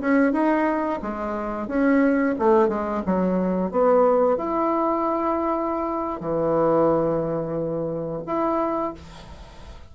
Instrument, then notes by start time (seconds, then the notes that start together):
bassoon
0.00 C#4
0.32 D#4
1.01 G#3
1.67 C#4
2.38 A3
2.68 G#3
3.06 F#3
3.71 B3
4.37 E4
6.20 E3
8.26 E4